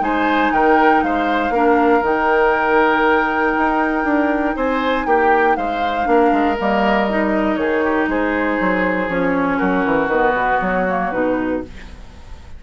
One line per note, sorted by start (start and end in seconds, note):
0.00 0.51 G#3
0.00 1.51 D#4
0.00 0.53 C5
0.00 0.53 G#5
0.52 1.02 D#3
0.52 1.03 A#4
0.52 1.03 G5
1.02 1.50 G#3
1.02 1.53 C5
1.02 2.03 F5
1.50 2.00 A#3
1.50 2.02 D4
1.50 4.55 A#4
2.02 3.53 D#3
2.02 6.04 D#4
2.02 4.57 G5
3.57 4.04 D#4
4.04 4.54 D4
4.55 5.06 C4
4.55 5.06 C5
4.55 5.06 G#5
5.06 5.56 A#3
5.06 5.57 G4
5.06 5.55 G5
5.55 6.06 G#3
5.55 6.07 C5
5.55 6.56 F5
6.04 6.31 A#3
6.04 6.55 D4
6.04 7.60 A#4
6.32 6.57 G#3
6.57 7.56 G3
6.57 7.08 A#3
6.57 7.55 D#5
7.09 9.09 D#4
7.55 8.07 D#3
7.55 7.84 G#4
7.55 8.06 C#5
7.84 8.09 G4
8.07 8.57 G#3
8.07 9.57 G#4
8.07 9.09 C5
8.60 9.08 F#3
9.08 9.58 F3
9.08 10.10 C#4
9.08 9.58 C#5
9.57 9.85 F#3
9.57 11.59 F#4
9.57 10.08 A#4
9.85 10.07 E3
10.07 10.32 D#3
10.07 10.88 B3
10.07 10.59 B4
10.34 10.59 B2
10.61 11.11 F#3
10.61 11.11 C#5
10.88 11.12 A#3
11.11 11.63 B2
11.11 11.62 D#4
11.11 11.61 B4